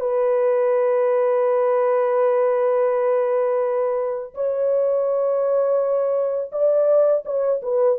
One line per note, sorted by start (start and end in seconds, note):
0.00 4.34 B4
4.34 6.51 C#5
6.52 7.24 D5
7.25 7.61 C#5
7.62 7.98 B4